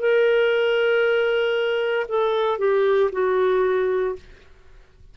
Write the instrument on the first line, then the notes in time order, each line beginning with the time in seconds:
clarinet
0.00 A#4
2.09 A4
2.59 G4
3.13 F#4